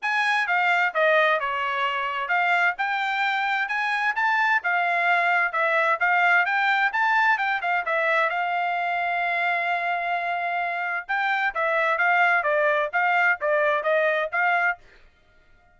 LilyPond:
\new Staff \with { instrumentName = "trumpet" } { \time 4/4 \tempo 4 = 130 gis''4 f''4 dis''4 cis''4~ | cis''4 f''4 g''2 | gis''4 a''4 f''2 | e''4 f''4 g''4 a''4 |
g''8 f''8 e''4 f''2~ | f''1 | g''4 e''4 f''4 d''4 | f''4 d''4 dis''4 f''4 | }